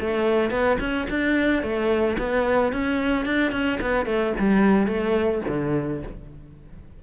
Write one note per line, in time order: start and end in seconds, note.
0.00 0.50 A3
0.50 0.77 B3
0.79 1.07 C#4
1.09 1.62 D4
1.62 2.17 A3
2.18 2.72 B3
2.72 3.25 C#4
3.25 3.51 D4
3.51 3.79 C#4
3.81 4.05 B3
4.05 4.33 A3
4.39 4.86 G3
4.86 5.41 A3
5.48 6.02 D3